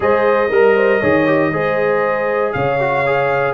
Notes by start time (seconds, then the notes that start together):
0.00 G#3 G#4 C5 D#5
0.49 G3 A#4
0.76 C5
0.99 D#3 G#4 C#5
1.26 G4
1.52 G#3 G#4 C5
2.52 C#3 C#5 F5
2.79 F#4
3.06 G#4